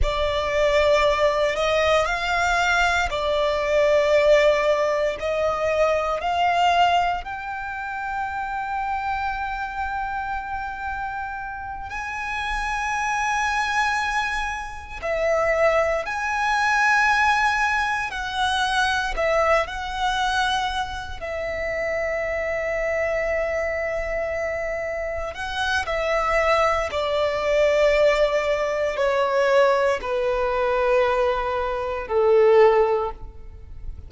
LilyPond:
\new Staff \with { instrumentName = "violin" } { \time 4/4 \tempo 4 = 58 d''4. dis''8 f''4 d''4~ | d''4 dis''4 f''4 g''4~ | g''2.~ g''8 gis''8~ | gis''2~ gis''8 e''4 gis''8~ |
gis''4. fis''4 e''8 fis''4~ | fis''8 e''2.~ e''8~ | e''8 fis''8 e''4 d''2 | cis''4 b'2 a'4 | }